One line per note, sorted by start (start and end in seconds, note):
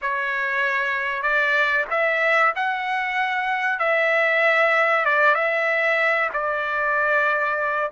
0.01 1.22 C#5
1.22 1.85 D5
1.90 2.53 E5
2.55 3.79 F#5
3.79 5.05 E5
5.05 5.34 D5
5.34 6.29 E5
6.33 7.91 D5